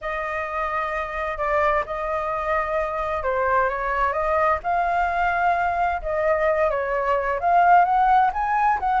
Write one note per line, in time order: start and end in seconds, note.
0.01 1.37 D#5
1.37 1.83 D5
1.86 3.23 D#5
3.23 3.69 C5
3.69 4.12 C#5
4.12 4.58 D#5
4.63 6.01 F5
6.01 6.70 D#5
6.70 7.39 C#5
7.40 7.84 F5
7.84 8.31 F#5
8.33 8.79 G#5
8.79 9.00 F#5